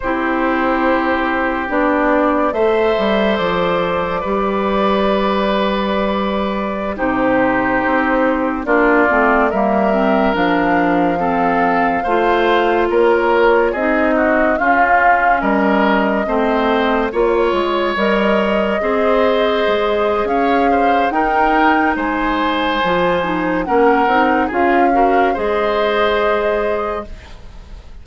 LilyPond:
<<
  \new Staff \with { instrumentName = "flute" } { \time 4/4 \tempo 4 = 71 c''2 d''4 e''4 | d''1~ | d''16 c''2 d''4 e''8.~ | e''16 f''2. cis''8.~ |
cis''16 dis''4 f''4 dis''4.~ dis''16~ | dis''16 cis''4 dis''2~ dis''8. | f''4 g''4 gis''2 | fis''4 f''4 dis''2 | }
  \new Staff \with { instrumentName = "oboe" } { \time 4/4 g'2. c''4~ | c''4 b'2.~ | b'16 g'2 f'4 ais'8.~ | ais'4~ ais'16 a'4 c''4 ais'8.~ |
ais'16 gis'8 fis'8 f'4 ais'4 c''8.~ | c''16 cis''2 c''4.~ c''16 | cis''8 c''8 ais'4 c''2 | ais'4 gis'8 ais'8 c''2 | }
  \new Staff \with { instrumentName = "clarinet" } { \time 4/4 e'2 d'4 a'4~ | a'4 g'2.~ | g'16 dis'2 d'8 c'8 ais8 c'16~ | c'16 d'4 c'4 f'4.~ f'16~ |
f'16 dis'4 cis'2 c'8.~ | c'16 f'4 ais'4 gis'4.~ gis'16~ | gis'4 dis'2 f'8 dis'8 | cis'8 dis'8 f'8 fis'8 gis'2 | }
  \new Staff \with { instrumentName = "bassoon" } { \time 4/4 c'2 b4 a8 g8 | f4 g2.~ | g16 c4 c'4 ais8 a8 g8.~ | g16 f2 a4 ais8.~ |
ais16 c'4 cis'4 g4 a8.~ | a16 ais8 gis8 g4 c'4 gis8. | cis'4 dis'4 gis4 f4 | ais8 c'8 cis'4 gis2 | }
>>